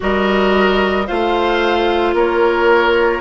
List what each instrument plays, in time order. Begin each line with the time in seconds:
0.00 bassoon G3, clarinet F#4, oboe A#4, flute D#5
1.07 bassoon A3, clarinet F4, oboe C5, flute F5
2.13 bassoon A#3, oboe A#4, flute C#5